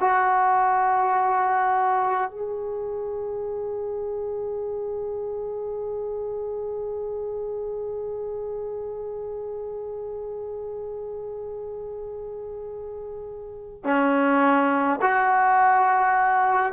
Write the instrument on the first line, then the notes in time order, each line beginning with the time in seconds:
trombone
0.00 F#4
2.30 G#4
13.84 C#4
15.02 F#4